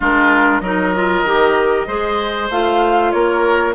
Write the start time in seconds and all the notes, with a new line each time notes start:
0.00 G#3 D4 F4 A#4
0.60 F#3 D#4 A#4 D#5
0.94 F4
1.23 D#3 G4
1.87 G#3 G#4 C5
2.50 A3 F4 F5
3.11 A#3 A#4 C#5